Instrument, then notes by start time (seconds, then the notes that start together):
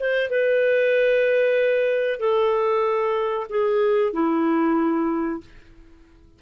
clarinet
0.00 C5
0.30 B4
2.20 A4
3.50 G#4
4.13 E4